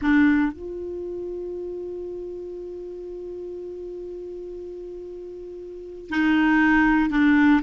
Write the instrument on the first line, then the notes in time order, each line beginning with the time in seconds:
clarinet
0.01 D4
0.52 F4
6.09 D#4
7.10 D4